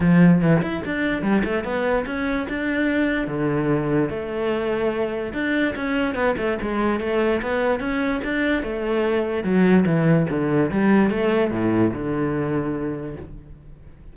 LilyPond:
\new Staff \with { instrumentName = "cello" } { \time 4/4 \tempo 4 = 146 f4 e8 e'8 d'4 g8 a8 | b4 cis'4 d'2 | d2 a2~ | a4 d'4 cis'4 b8 a8 |
gis4 a4 b4 cis'4 | d'4 a2 fis4 | e4 d4 g4 a4 | a,4 d2. | }